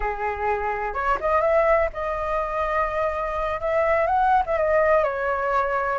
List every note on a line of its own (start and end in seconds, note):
0.00 0.94 G#4
0.94 1.18 C#5
1.20 1.41 D#5
1.41 1.89 E5
1.93 3.60 D#5
3.60 4.06 E5
4.06 4.42 F#5
4.46 4.57 E5
4.57 5.03 D#5
5.03 5.98 C#5